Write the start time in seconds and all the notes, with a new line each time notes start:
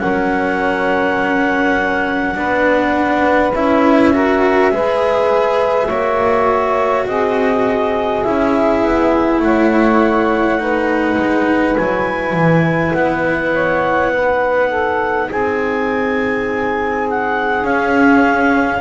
0.00 F#3 C#4 A#4 F#5
2.35 B3 D4 B4
3.54 C#4 E4 E5
4.13 F#4 A#4
4.71 G#3 G#4 B4
5.88 A#3 F#4 C#5
7.06 C4 G#4 D#5
8.24 C#4 E4 E5
8.84 B3
9.40 A3 C#5 F#5
10.59 D#4 B4
11.17 G#3
11.77 F#3 E4 G#5
12.34 E3
12.94 B3 F#5
13.53 C#5
14.12 D#4 B4
14.69 A4
15.29 C4 G#4 G#5
17.10 F#5
17.64 C#4 F5